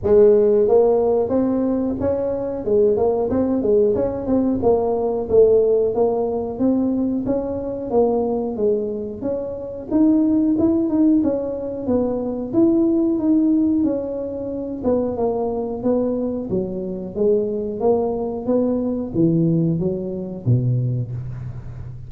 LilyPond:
\new Staff \with { instrumentName = "tuba" } { \time 4/4 \tempo 4 = 91 gis4 ais4 c'4 cis'4 | gis8 ais8 c'8 gis8 cis'8 c'8 ais4 | a4 ais4 c'4 cis'4 | ais4 gis4 cis'4 dis'4 |
e'8 dis'8 cis'4 b4 e'4 | dis'4 cis'4. b8 ais4 | b4 fis4 gis4 ais4 | b4 e4 fis4 b,4 | }